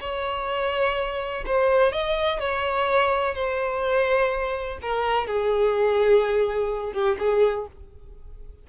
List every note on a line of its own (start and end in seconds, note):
0.00 1.44 C#5
1.46 1.92 C5
1.92 2.39 D#5
2.39 3.34 C#5
3.34 4.78 C5
4.82 5.27 A#4
5.27 6.93 G#4
6.93 7.17 G4
7.19 7.67 G#4